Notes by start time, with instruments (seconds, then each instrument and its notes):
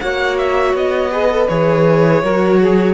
0.00 cello A#3, viola F#4, saxophone C#5, violin F#5
0.38 violin E5
0.73 cello B3, violin D#5
1.11 viola G#4, saxophone B4
1.31 viola A4
1.48 cello E3, viola G#4, violin C#5
2.22 cello F#3, viola F#4, saxophone A#4
2.60 saxophone G#4